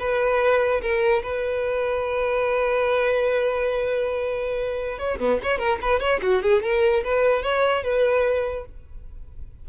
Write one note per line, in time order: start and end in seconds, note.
0.00 0.82 B4
0.82 1.23 A#4
1.23 4.99 B4
4.99 5.19 C#5
5.19 5.40 B3
5.43 5.59 C#5
5.59 5.79 A#4
5.82 6.00 B4
6.00 6.21 C#5
6.22 6.43 F#4
6.43 6.63 G#4
6.63 7.04 A#4
7.04 7.43 B4
7.43 7.84 C#5
7.84 8.65 B4